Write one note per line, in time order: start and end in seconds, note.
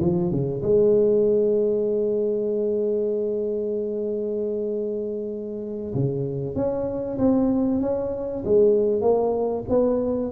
0.00 0.31 F3
0.31 0.62 C#3
0.62 5.94 G#3
5.94 6.55 C#3
6.55 7.18 C#4
7.18 7.81 C4
7.81 8.44 C#4
8.45 9.01 G#3
9.01 9.64 A#3
9.69 10.32 B3